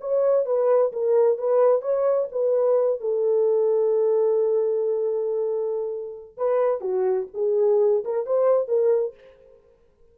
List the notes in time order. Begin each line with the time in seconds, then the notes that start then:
0.00 C#5
0.45 B4
0.92 A#4
1.38 B4
1.81 C#5
2.31 B4
3.00 A4
6.37 B4
6.80 F#4
7.34 G#4
8.04 A#4
8.26 C5
8.68 A#4